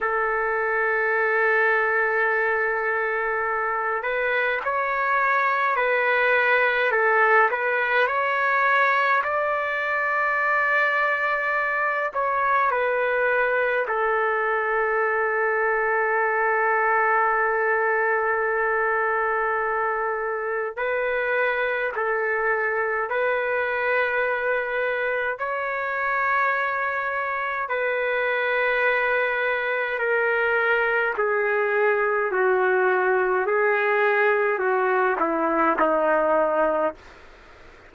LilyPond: \new Staff \with { instrumentName = "trumpet" } { \time 4/4 \tempo 4 = 52 a'2.~ a'8 b'8 | cis''4 b'4 a'8 b'8 cis''4 | d''2~ d''8 cis''8 b'4 | a'1~ |
a'2 b'4 a'4 | b'2 cis''2 | b'2 ais'4 gis'4 | fis'4 gis'4 fis'8 e'8 dis'4 | }